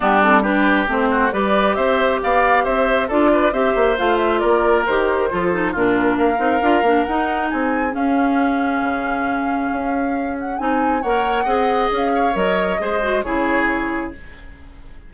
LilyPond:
<<
  \new Staff \with { instrumentName = "flute" } { \time 4/4 \tempo 4 = 136 g'8 a'8 b'4 c''4 d''4 | e''4 f''4 e''4 d''4 | e''4 f''8 e''8 d''4 c''4~ | c''4 ais'4 f''2 |
fis''4 gis''4 f''2~ | f''2.~ f''8 fis''8 | gis''4 fis''2 f''4 | dis''2 cis''2 | }
  \new Staff \with { instrumentName = "oboe" } { \time 4/4 d'4 g'4. fis'8 b'4 | c''4 d''4 c''4 a'8 b'8 | c''2 ais'2 | a'4 f'4 ais'2~ |
ais'4 gis'2.~ | gis'1~ | gis'4 cis''4 dis''4. cis''8~ | cis''4 c''4 gis'2 | }
  \new Staff \with { instrumentName = "clarinet" } { \time 4/4 b8 c'8 d'4 c'4 g'4~ | g'2. f'4 | g'4 f'2 g'4 | f'8 dis'8 d'4. dis'8 f'8 d'8 |
dis'2 cis'2~ | cis'1 | dis'4 ais'4 gis'2 | ais'4 gis'8 fis'8 e'2 | }
  \new Staff \with { instrumentName = "bassoon" } { \time 4/4 g2 a4 g4 | c'4 b4 c'4 d'4 | c'8 ais8 a4 ais4 dis4 | f4 ais,4 ais8 c'8 d'8 ais8 |
dis'4 c'4 cis'2 | cis2 cis'2 | c'4 ais4 c'4 cis'4 | fis4 gis4 cis2 | }
>>